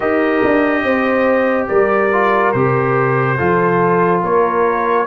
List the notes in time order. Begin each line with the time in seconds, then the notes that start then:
0.00 D#4 G4 A#4 D#5
0.44 D4
0.84 C4 C5
1.67 G3 A#4 D5
2.12 F4
2.52 C3 G4 C5
3.37 F3 F4 A4
4.21 A#3 A#4 C#5